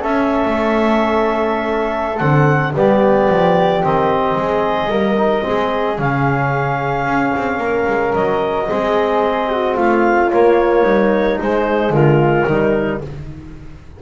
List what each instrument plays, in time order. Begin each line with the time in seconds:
0.00 trombone C#4, double bass C#4, flute A4, clarinet E5
0.45 double bass A3
2.18 double bass D3, trombone C4, clarinet F#5
2.75 double bass G3, trombone B3, flute G4, clarinet D5
3.29 double bass F3
3.82 double bass D#3, trombone C4, clarinet D#5
4.35 double bass G#3, flute G#4
4.88 double bass G3, trombone A#3, flute A#4
5.17 trombone D#4
5.42 double bass G#3, trombone C4, flute G#4
5.96 double bass C#3, trombone C#4, clarinet F5
7.06 double bass C#4
7.36 double bass C4
7.58 double bass A#3, flute A#4
7.87 double bass G#3
8.14 double bass F#3, clarinet D#5
8.69 double bass G#3, trombone C4, flute G#4
9.50 flute F#4
9.76 double bass A3, flute F4, clarinet F5
10.31 trombone A#3, double bass A#3, clarinet C#5
10.83 double bass G3, flute D#4
11.39 double bass G#3, trombone G#3, clarinet C5
11.90 double bass D3, flute F4, clarinet A#4
12.47 double bass D#3, trombone G3, flute D#4